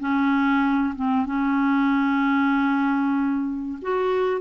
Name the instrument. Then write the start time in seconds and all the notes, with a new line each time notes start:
clarinet
0.00 C#4
0.96 C4
1.26 C#4
3.82 F#4